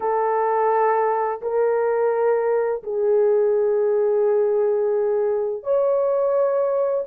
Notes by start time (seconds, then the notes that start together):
0.00 A4
1.41 A#4
2.83 G#4
5.63 C#5